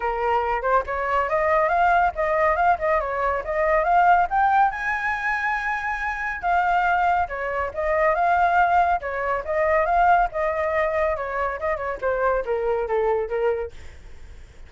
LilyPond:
\new Staff \with { instrumentName = "flute" } { \time 4/4 \tempo 4 = 140 ais'4. c''8 cis''4 dis''4 | f''4 dis''4 f''8 dis''8 cis''4 | dis''4 f''4 g''4 gis''4~ | gis''2. f''4~ |
f''4 cis''4 dis''4 f''4~ | f''4 cis''4 dis''4 f''4 | dis''2 cis''4 dis''8 cis''8 | c''4 ais'4 a'4 ais'4 | }